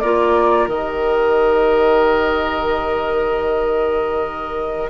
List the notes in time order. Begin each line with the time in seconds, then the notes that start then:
0.00 A#3 F4 A#4 D5
0.67 D#3 G4 D#5